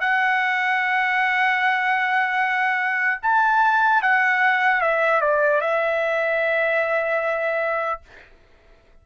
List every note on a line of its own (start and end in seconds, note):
0.00 3.20 F#5
3.22 4.02 A5
4.02 4.81 F#5
4.81 5.21 E5
5.21 5.61 D5
5.61 8.01 E5